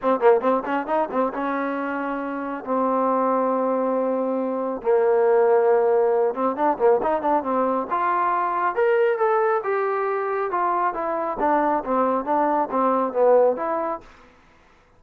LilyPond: \new Staff \with { instrumentName = "trombone" } { \time 4/4 \tempo 4 = 137 c'8 ais8 c'8 cis'8 dis'8 c'8 cis'4~ | cis'2 c'2~ | c'2. ais4~ | ais2~ ais8 c'8 d'8 ais8 |
dis'8 d'8 c'4 f'2 | ais'4 a'4 g'2 | f'4 e'4 d'4 c'4 | d'4 c'4 b4 e'4 | }